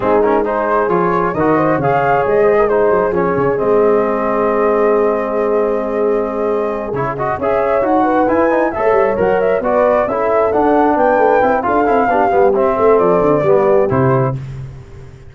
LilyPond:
<<
  \new Staff \with { instrumentName = "flute" } { \time 4/4 \tempo 4 = 134 gis'8 ais'8 c''4 cis''4 dis''4 | f''4 dis''4 c''4 cis''4 | dis''1~ | dis''2.~ dis''8 cis''8 |
dis''8 e''4 fis''4 gis''4 e''8~ | e''8 fis''8 e''8 d''4 e''4 fis''8~ | fis''8 g''4. f''2 | e''4 d''2 c''4 | }
  \new Staff \with { instrumentName = "horn" } { \time 4/4 dis'4 gis'2 ais'8 c''8 | cis''4. c''16 ais'16 gis'2~ | gis'1~ | gis'1~ |
gis'8 cis''4. b'4. cis''8~ | cis''4. b'4 a'4.~ | a'8 b'4. a'4 g'4~ | g'8 a'4. g'2 | }
  \new Staff \with { instrumentName = "trombone" } { \time 4/4 c'8 cis'8 dis'4 f'4 fis'4 | gis'2 dis'4 cis'4 | c'1~ | c'2.~ c'8 e'8 |
fis'8 gis'4 fis'4 e'8 dis'8 a'8~ | a'8 ais'4 fis'4 e'4 d'8~ | d'4. e'8 f'8 e'8 d'8 b8 | c'2 b4 e'4 | }
  \new Staff \with { instrumentName = "tuba" } { \time 4/4 gis2 f4 dis4 | cis4 gis4. fis8 f8 cis8 | gis1~ | gis2.~ gis8 cis8~ |
cis8 cis'4 dis'4 e'4 a8 | g8 fis4 b4 cis'4 d'8~ | d'8 b8 a8 c'8 d'8 c'8 b8 g8 | c'8 a8 f8 d8 g4 c4 | }
>>